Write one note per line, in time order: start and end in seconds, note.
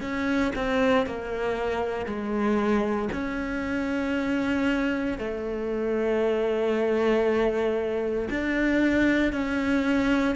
0.00 0.52 C#4
0.55 1.06 C4
1.06 2.05 A#3
2.05 3.08 G#3
3.12 5.18 C#4
5.18 8.28 A3
8.29 9.32 D4
9.32 10.35 C#4